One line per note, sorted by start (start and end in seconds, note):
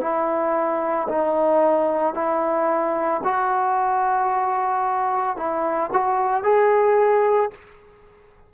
0.00 1.07 E4
1.09 2.14 D#4
2.14 3.21 E4
3.23 5.37 F#4
5.37 5.90 E4
5.93 6.43 F#4
6.43 7.50 G#4